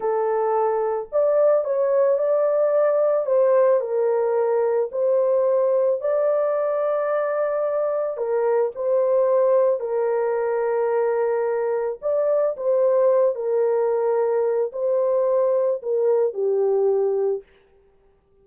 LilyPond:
\new Staff \with { instrumentName = "horn" } { \time 4/4 \tempo 4 = 110 a'2 d''4 cis''4 | d''2 c''4 ais'4~ | ais'4 c''2 d''4~ | d''2. ais'4 |
c''2 ais'2~ | ais'2 d''4 c''4~ | c''8 ais'2~ ais'8 c''4~ | c''4 ais'4 g'2 | }